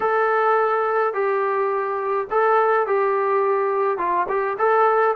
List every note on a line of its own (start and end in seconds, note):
0.00 1.13 A4
1.13 2.27 G4
2.30 2.86 A4
2.86 3.98 G4
3.98 4.26 F4
4.28 4.57 G4
4.58 5.15 A4